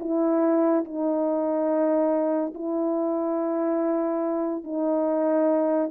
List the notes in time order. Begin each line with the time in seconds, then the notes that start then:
0.00 E4
0.85 D#4
2.54 E4
4.64 D#4